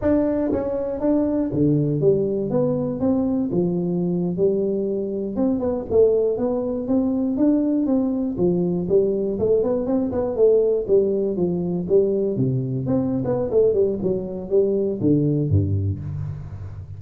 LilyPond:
\new Staff \with { instrumentName = "tuba" } { \time 4/4 \tempo 4 = 120 d'4 cis'4 d'4 d4 | g4 b4 c'4 f4~ | f8. g2 c'8 b8 a16~ | a8. b4 c'4 d'4 c'16~ |
c'8. f4 g4 a8 b8 c'16~ | c'16 b8 a4 g4 f4 g16~ | g8. c4 c'8. b8 a8 g8 | fis4 g4 d4 g,4 | }